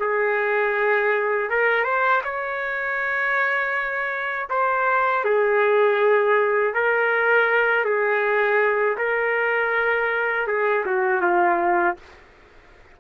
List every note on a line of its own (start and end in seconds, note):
0.00 1.50 G#4
1.50 1.84 A#4
1.84 2.22 C5
2.24 4.49 C#5
4.50 5.25 C5
5.25 6.74 G#4
6.74 7.85 A#4
7.85 8.97 G#4
8.98 10.48 A#4
10.48 10.85 G#4
10.86 11.22 F#4
11.22 11.97 F4